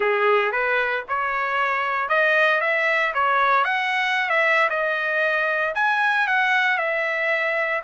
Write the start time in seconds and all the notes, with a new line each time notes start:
0.00 G#4
0.51 B4
1.08 C#5
2.09 D#5
2.61 E5
3.14 C#5
3.64 F#5
4.29 E5
4.69 D#5
5.74 G#5
6.27 F#5
6.77 E5